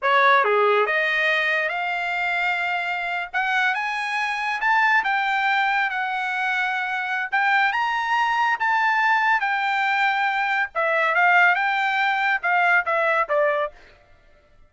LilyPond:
\new Staff \with { instrumentName = "trumpet" } { \time 4/4 \tempo 4 = 140 cis''4 gis'4 dis''2 | f''2.~ f''8. fis''16~ | fis''8. gis''2 a''4 g''16~ | g''4.~ g''16 fis''2~ fis''16~ |
fis''4 g''4 ais''2 | a''2 g''2~ | g''4 e''4 f''4 g''4~ | g''4 f''4 e''4 d''4 | }